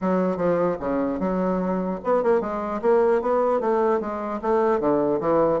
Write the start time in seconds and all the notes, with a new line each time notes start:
0.01 F#3
0.37 F3
0.79 C#3
1.19 F#3
2.03 B3
2.23 A#3
2.40 G#3
2.81 A#3
3.21 B3
3.60 A3
4.00 G#3
4.41 A3
4.80 D3
5.20 E3